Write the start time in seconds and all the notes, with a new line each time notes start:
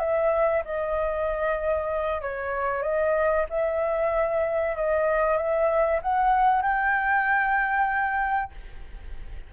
0.00 E5
0.65 D#5
2.22 C#5
2.83 D#5
3.50 E5
4.76 D#5
5.38 E5
6.03 F#5
6.62 G5